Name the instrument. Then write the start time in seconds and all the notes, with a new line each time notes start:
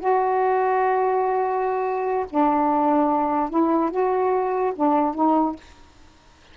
saxophone
0.00 F#4
2.30 D4
3.50 E4
3.91 F#4
4.76 D4
5.15 D#4